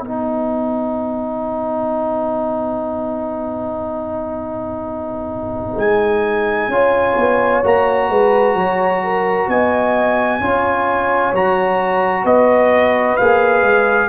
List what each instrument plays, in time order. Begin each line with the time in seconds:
0.00 tuba B3, trombone D#4, horn B4, trumpet F#5
5.76 tuba G#3, trumpet G#5
6.68 tuba C#4, trombone F4, horn C#5
7.17 tuba B3
7.63 tuba A#3, trombone F#4, trumpet A#5
8.09 tuba G#3, horn B4
8.55 tuba F#3, horn C#5
9.03 horn A#4
9.47 tuba B3, horn D#5, trumpet G#5
10.40 tuba C#4, trombone F4, horn C#5
11.33 tuba F#3, trombone F#4, trumpet A#5
12.24 tuba B3, horn B4, trumpet D#5
13.17 tuba A#3, trombone G#4, trumpet F5
13.62 tuba G#3